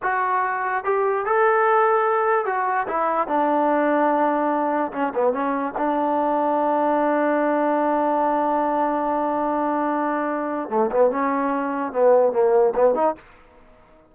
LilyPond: \new Staff \with { instrumentName = "trombone" } { \time 4/4 \tempo 4 = 146 fis'2 g'4 a'4~ | a'2 fis'4 e'4 | d'1 | cis'8 b8 cis'4 d'2~ |
d'1~ | d'1~ | d'2 a8 b8 cis'4~ | cis'4 b4 ais4 b8 dis'8 | }